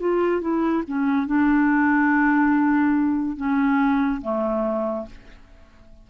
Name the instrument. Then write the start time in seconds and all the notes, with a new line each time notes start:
clarinet
0.00 F4
0.41 E4
0.88 C#4
1.27 D4
3.37 C#4
4.22 A3